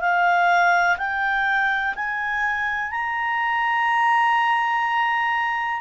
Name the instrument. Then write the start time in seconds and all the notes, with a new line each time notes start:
clarinet
0.00 F5
0.97 G5
1.95 G#5
2.91 A#5